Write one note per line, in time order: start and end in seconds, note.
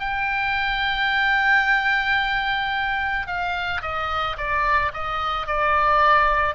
0.00 3.27 G5
3.27 3.82 F5
3.82 4.37 D#5
4.38 4.92 D5
4.94 5.47 D#5
5.47 6.56 D5